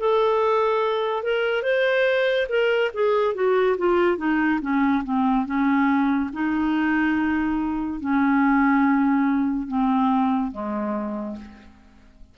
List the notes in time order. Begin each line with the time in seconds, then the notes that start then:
0.00 A4
1.23 A#4
1.63 C5
2.49 A#4
2.95 G#4
3.35 F#4
3.78 F4
4.18 D#4
4.62 C#4
5.05 C4
5.46 C#4
6.33 D#4
8.01 C#4
9.68 C4
10.52 G#3